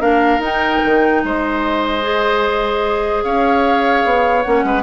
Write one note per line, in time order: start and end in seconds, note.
0.00 0.39 A#3
0.00 0.40 D4
0.00 1.22 A#4
0.00 0.41 F5
0.39 0.79 D#4
0.39 2.01 D#4
0.39 1.25 G5
0.85 1.24 D#3
1.24 3.24 G#3
1.24 3.24 C5
1.24 3.24 D#5
2.01 4.43 G#4
3.24 4.05 C#4
3.24 4.65 C#5
3.24 4.43 F5
4.05 4.45 B3
4.43 4.64 A#3
4.43 4.83 C#4
4.43 4.83 F#5
4.64 4.83 G#3
4.64 4.83 B4